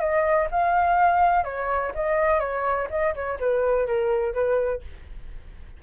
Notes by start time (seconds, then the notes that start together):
0.00 D#5
0.51 F5
1.44 C#5
1.95 D#5
2.40 C#5
2.90 D#5
3.15 C#5
3.40 B4
3.87 A#4
4.34 B4